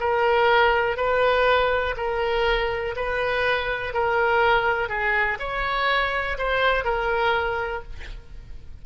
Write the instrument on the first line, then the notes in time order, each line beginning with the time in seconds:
oboe
0.00 A#4
0.97 B4
1.97 A#4
2.96 B4
3.93 A#4
4.89 G#4
5.39 C#5
6.38 C5
6.85 A#4